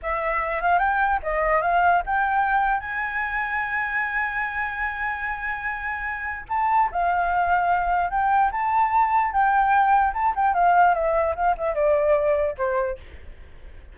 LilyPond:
\new Staff \with { instrumentName = "flute" } { \time 4/4 \tempo 4 = 148 e''4. f''8 g''4 dis''4 | f''4 g''2 gis''4~ | gis''1~ | gis''1 |
a''4 f''2. | g''4 a''2 g''4~ | g''4 a''8 g''8 f''4 e''4 | f''8 e''8 d''2 c''4 | }